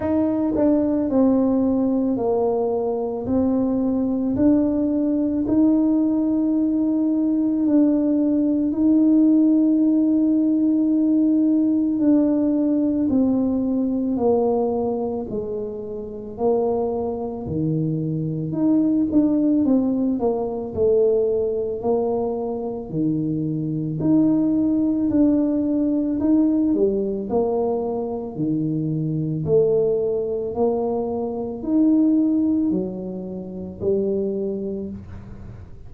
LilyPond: \new Staff \with { instrumentName = "tuba" } { \time 4/4 \tempo 4 = 55 dis'8 d'8 c'4 ais4 c'4 | d'4 dis'2 d'4 | dis'2. d'4 | c'4 ais4 gis4 ais4 |
dis4 dis'8 d'8 c'8 ais8 a4 | ais4 dis4 dis'4 d'4 | dis'8 g8 ais4 dis4 a4 | ais4 dis'4 fis4 g4 | }